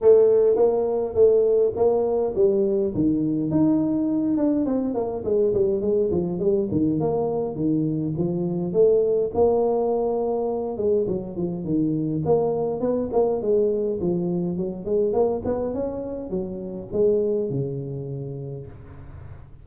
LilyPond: \new Staff \with { instrumentName = "tuba" } { \time 4/4 \tempo 4 = 103 a4 ais4 a4 ais4 | g4 dis4 dis'4. d'8 | c'8 ais8 gis8 g8 gis8 f8 g8 dis8 | ais4 dis4 f4 a4 |
ais2~ ais8 gis8 fis8 f8 | dis4 ais4 b8 ais8 gis4 | f4 fis8 gis8 ais8 b8 cis'4 | fis4 gis4 cis2 | }